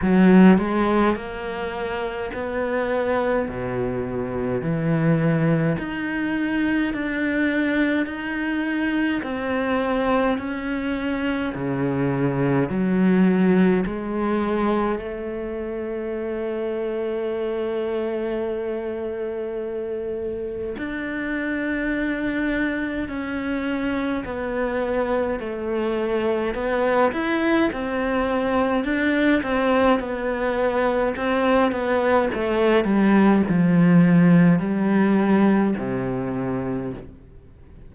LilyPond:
\new Staff \with { instrumentName = "cello" } { \time 4/4 \tempo 4 = 52 fis8 gis8 ais4 b4 b,4 | e4 dis'4 d'4 dis'4 | c'4 cis'4 cis4 fis4 | gis4 a2.~ |
a2 d'2 | cis'4 b4 a4 b8 e'8 | c'4 d'8 c'8 b4 c'8 b8 | a8 g8 f4 g4 c4 | }